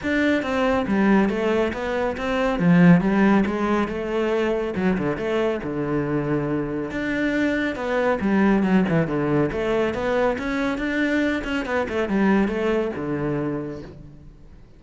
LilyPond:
\new Staff \with { instrumentName = "cello" } { \time 4/4 \tempo 4 = 139 d'4 c'4 g4 a4 | b4 c'4 f4 g4 | gis4 a2 fis8 d8 | a4 d2. |
d'2 b4 g4 | fis8 e8 d4 a4 b4 | cis'4 d'4. cis'8 b8 a8 | g4 a4 d2 | }